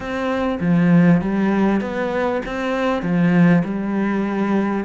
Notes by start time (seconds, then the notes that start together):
0.00 C4
0.60 F3
1.21 G3
1.80 B3
2.45 C4
3.02 F3
3.64 G3